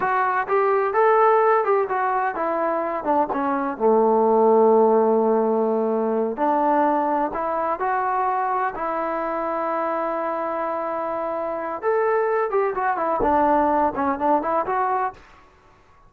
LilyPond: \new Staff \with { instrumentName = "trombone" } { \time 4/4 \tempo 4 = 127 fis'4 g'4 a'4. g'8 | fis'4 e'4. d'8 cis'4 | a1~ | a4. d'2 e'8~ |
e'8 fis'2 e'4.~ | e'1~ | e'4 a'4. g'8 fis'8 e'8 | d'4. cis'8 d'8 e'8 fis'4 | }